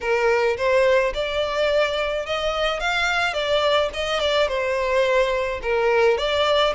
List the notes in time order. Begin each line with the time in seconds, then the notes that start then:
0.00 A#4
0.57 C5
1.14 D5
2.26 D#5
2.80 F5
3.33 D5
3.93 D#5
4.20 D5
4.48 C5
5.62 A#4
6.17 D5